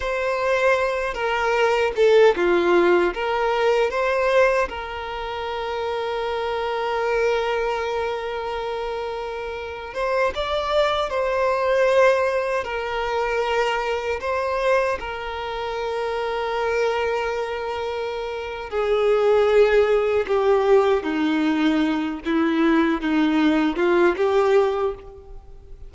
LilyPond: \new Staff \with { instrumentName = "violin" } { \time 4/4 \tempo 4 = 77 c''4. ais'4 a'8 f'4 | ais'4 c''4 ais'2~ | ais'1~ | ais'8. c''8 d''4 c''4.~ c''16~ |
c''16 ais'2 c''4 ais'8.~ | ais'1 | gis'2 g'4 dis'4~ | dis'8 e'4 dis'4 f'8 g'4 | }